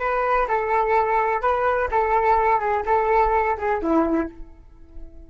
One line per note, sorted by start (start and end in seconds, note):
0.00 0.48 B4
0.49 1.42 A4
1.42 1.89 B4
1.92 2.60 A4
2.60 2.84 G#4
2.86 3.58 A4
3.58 3.82 G#4
3.83 4.30 E4